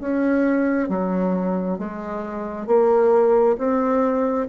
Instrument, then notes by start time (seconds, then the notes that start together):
bassoon
0.00 C#4
0.89 F#3
1.79 G#3
2.67 A#3
3.58 C4